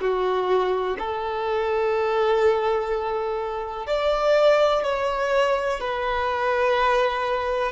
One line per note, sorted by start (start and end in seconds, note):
0.00 0.97 F#4
0.98 3.86 A4
3.86 4.83 D5
4.83 5.80 C#5
5.80 7.72 B4